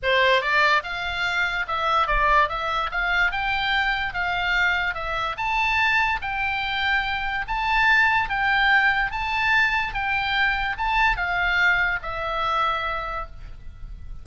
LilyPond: \new Staff \with { instrumentName = "oboe" } { \time 4/4 \tempo 4 = 145 c''4 d''4 f''2 | e''4 d''4 e''4 f''4 | g''2 f''2 | e''4 a''2 g''4~ |
g''2 a''2 | g''2 a''2 | g''2 a''4 f''4~ | f''4 e''2. | }